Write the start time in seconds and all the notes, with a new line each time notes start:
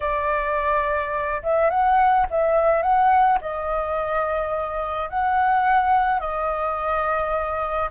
0.00 D5
1.42 E5
1.70 F#5
2.30 E5
2.82 F#5
3.41 D#5
5.09 F#5
6.20 D#5